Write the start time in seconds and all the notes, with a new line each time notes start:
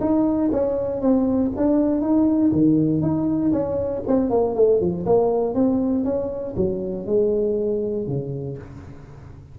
0.00 D#4
0.51 C#4
1.00 C4
1.56 D4
2.01 D#4
2.52 D#3
3.01 D#4
3.52 C#4
4.07 C4
4.30 A#3
4.55 A3
4.80 F3
5.06 A#3
5.54 C4
6.04 C#4
6.56 F#3
7.06 G#3
8.07 C#3